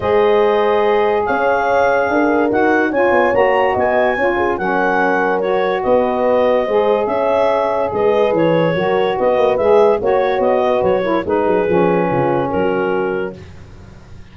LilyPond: <<
  \new Staff \with { instrumentName = "clarinet" } { \time 4/4 \tempo 4 = 144 dis''2. f''4~ | f''2 fis''4 gis''4 | ais''4 gis''2 fis''4~ | fis''4 cis''4 dis''2~ |
dis''4 e''2 dis''4 | cis''2 dis''4 e''4 | cis''4 dis''4 cis''4 b'4~ | b'2 ais'2 | }
  \new Staff \with { instrumentName = "horn" } { \time 4/4 c''2. cis''4~ | cis''4 ais'2 cis''4~ | cis''4 dis''4 cis''8 gis'8 ais'4~ | ais'2 b'2 |
c''4 cis''2 b'4~ | b'4 ais'4 b'2 | cis''4. b'4 ais'8 gis'4~ | gis'4 f'4 fis'2 | }
  \new Staff \with { instrumentName = "saxophone" } { \time 4/4 gis'1~ | gis'2 fis'4 f'4 | fis'2 f'4 cis'4~ | cis'4 fis'2. |
gis'1~ | gis'4 fis'2 gis'4 | fis'2~ fis'8 e'8 dis'4 | cis'1 | }
  \new Staff \with { instrumentName = "tuba" } { \time 4/4 gis2. cis'4~ | cis'4 d'4 dis'4 cis'8 b8 | ais4 b4 cis'4 fis4~ | fis2 b2 |
gis4 cis'2 gis4 | e4 fis4 b8 ais8 gis4 | ais4 b4 fis4 gis8 fis8 | f4 cis4 fis2 | }
>>